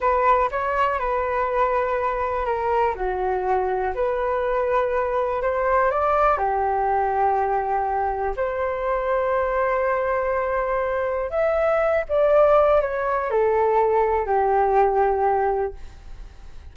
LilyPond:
\new Staff \with { instrumentName = "flute" } { \time 4/4 \tempo 4 = 122 b'4 cis''4 b'2~ | b'4 ais'4 fis'2 | b'2. c''4 | d''4 g'2.~ |
g'4 c''2.~ | c''2. e''4~ | e''8 d''4. cis''4 a'4~ | a'4 g'2. | }